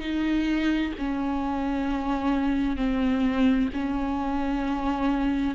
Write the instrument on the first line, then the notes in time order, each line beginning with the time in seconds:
viola
0.00 D#4
0.99 C#4
2.77 C4
3.73 C#4